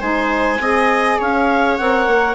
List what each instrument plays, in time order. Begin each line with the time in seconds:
0.00 bassoon G#3, saxophone D#4, viola C5, clarinet G#5
0.59 bassoon C4, saxophone G#4, viola D#5
1.18 bassoon C#4, viola C#5, clarinet F5
1.77 bassoon C4, saxophone A#4, clarinet F#5
2.06 bassoon A#3